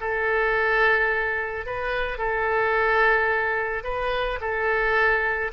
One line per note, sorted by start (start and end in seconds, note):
0.00 1.66 A4
1.66 2.18 B4
2.18 3.84 A4
3.84 4.39 B4
4.40 5.52 A4